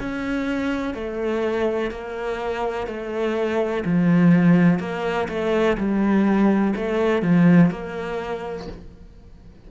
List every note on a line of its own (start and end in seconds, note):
0.00 0.94 C#4
0.94 1.91 A3
1.91 2.87 A#3
2.87 3.84 A3
3.85 4.79 F3
4.79 5.28 A#3
5.29 5.77 A3
5.78 6.74 G3
6.76 7.22 A3
7.22 7.71 F3
7.71 8.67 A#3